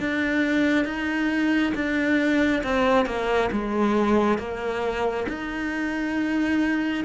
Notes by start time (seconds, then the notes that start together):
0.00 D4
0.85 D#4
1.74 D4
2.64 C4
3.06 A#3
3.52 G#3
4.38 A#3
5.28 D#4